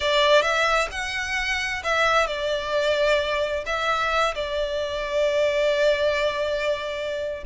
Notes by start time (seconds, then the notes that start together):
0.00 D5
0.42 E5
0.91 F#5
1.83 E5
2.27 D5
3.65 E5
4.34 D5